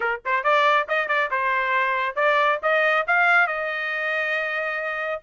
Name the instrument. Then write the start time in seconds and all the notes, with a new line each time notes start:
trumpet
0.00 A#4
0.25 C5
0.43 D5
0.88 D#5
1.08 D5
1.30 C5
2.15 D5
2.62 D#5
3.07 F5
3.47 D#5